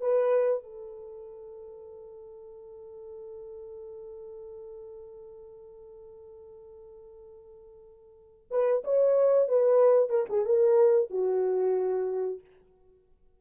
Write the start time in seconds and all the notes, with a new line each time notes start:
0.00 B4
0.63 A4
8.50 B4
8.84 C#5
9.48 B4
10.09 A#4
10.29 G#4
10.45 A#4
11.10 F#4